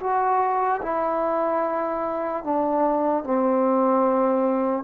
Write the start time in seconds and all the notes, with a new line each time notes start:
0.00 F#4
0.82 E4
2.44 D4
3.24 C4